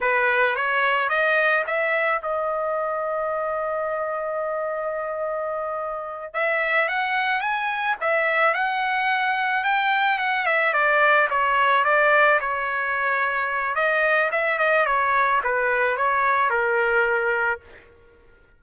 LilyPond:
\new Staff \with { instrumentName = "trumpet" } { \time 4/4 \tempo 4 = 109 b'4 cis''4 dis''4 e''4 | dis''1~ | dis''2.~ dis''8 e''8~ | e''8 fis''4 gis''4 e''4 fis''8~ |
fis''4. g''4 fis''8 e''8 d''8~ | d''8 cis''4 d''4 cis''4.~ | cis''4 dis''4 e''8 dis''8 cis''4 | b'4 cis''4 ais'2 | }